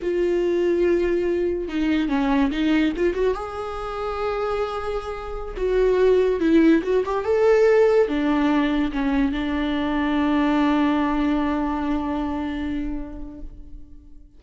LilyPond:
\new Staff \with { instrumentName = "viola" } { \time 4/4 \tempo 4 = 143 f'1 | dis'4 cis'4 dis'4 f'8 fis'8 | gis'1~ | gis'4~ gis'16 fis'2 e'8.~ |
e'16 fis'8 g'8 a'2 d'8.~ | d'4~ d'16 cis'4 d'4.~ d'16~ | d'1~ | d'1 | }